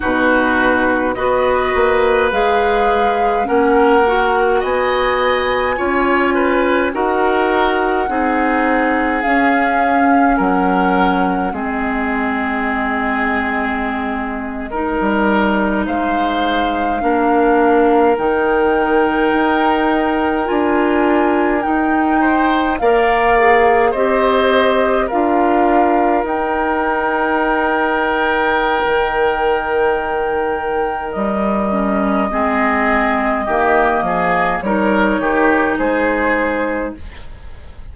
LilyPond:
<<
  \new Staff \with { instrumentName = "flute" } { \time 4/4 \tempo 4 = 52 b'4 dis''4 f''4 fis''4 | gis''2 fis''2 | f''4 fis''4 dis''2~ | dis''4.~ dis''16 f''2 g''16~ |
g''4.~ g''16 gis''4 g''4 f''16~ | f''8. dis''4 f''4 g''4~ g''16~ | g''2. dis''4~ | dis''2 cis''4 c''4 | }
  \new Staff \with { instrumentName = "oboe" } { \time 4/4 fis'4 b'2 ais'4 | dis''4 cis''8 b'8 ais'4 gis'4~ | gis'4 ais'4 gis'2~ | gis'8. ais'4 c''4 ais'4~ ais'16~ |
ais'2.~ ais'16 c''8 d''16~ | d''8. c''4 ais'2~ ais'16~ | ais'1 | gis'4 g'8 gis'8 ais'8 g'8 gis'4 | }
  \new Staff \with { instrumentName = "clarinet" } { \time 4/4 dis'4 fis'4 gis'4 cis'8 fis'8~ | fis'4 f'4 fis'4 dis'4 | cis'2 c'2~ | c'8. dis'2 d'4 dis'16~ |
dis'4.~ dis'16 f'4 dis'4 ais'16~ | ais'16 gis'8 g'4 f'4 dis'4~ dis'16~ | dis'2.~ dis'8 cis'8 | c'4 ais4 dis'2 | }
  \new Staff \with { instrumentName = "bassoon" } { \time 4/4 b,4 b8 ais8 gis4 ais4 | b4 cis'4 dis'4 c'4 | cis'4 fis4 gis2~ | gis4 g8. gis4 ais4 dis16~ |
dis8. dis'4 d'4 dis'4 ais16~ | ais8. c'4 d'4 dis'4~ dis'16~ | dis'4 dis2 g4 | gis4 dis8 f8 g8 dis8 gis4 | }
>>